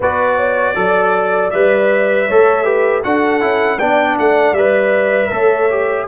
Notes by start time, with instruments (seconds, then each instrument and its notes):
0.00 tuba B3, trombone F#4, horn B4, trumpet D5
0.36 horn C#5
0.75 tuba F#3, trombone A4, horn D5
1.50 tuba G3, trombone B4, trumpet E5
2.27 tuba A3, trombone A4, horn C#5
2.64 trombone G4, horn B4
3.03 tuba D4, trombone F#4, horn A4, trumpet F#5
3.40 tuba C#4, trombone E4
3.78 tuba B3, trombone D4, horn D5, trumpet G5
4.18 tuba A3, trumpet F#5
4.52 tuba G3, trombone B4, trumpet E5
5.31 tuba A3, trombone A4, horn C#5
5.69 trombone G4